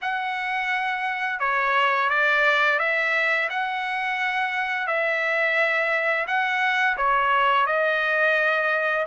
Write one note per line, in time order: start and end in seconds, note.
0.01 1.39 F#5
1.39 2.09 C#5
2.09 2.79 D5
2.79 3.49 E5
3.49 4.87 F#5
4.87 6.26 E5
6.27 6.96 F#5
6.97 7.66 C#5
7.66 9.05 D#5